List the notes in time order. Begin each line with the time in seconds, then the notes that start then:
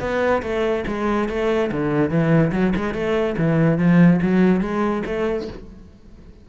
0.00 B3
0.42 A3
0.87 G#3
1.29 A3
1.71 D3
2.10 E3
2.52 F#3
2.76 G#3
2.94 A3
3.38 E3
3.78 F3
4.22 F#3
4.61 G#3
5.06 A3